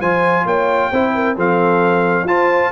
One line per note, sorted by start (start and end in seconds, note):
0.00 0.46 F3
0.00 0.93 F4
0.00 0.45 C5
0.00 0.47 G#5
0.46 0.91 A#3
0.46 0.91 C#5
0.46 1.37 G5
0.91 1.37 C4
0.91 1.37 E4
0.91 1.13 C5
1.15 1.36 A#4
1.36 2.25 F3
1.36 2.27 C4
1.36 2.26 A4
1.36 2.28 F5
2.25 2.70 F4
2.25 2.73 F4
2.25 2.73 C5
2.25 2.73 A5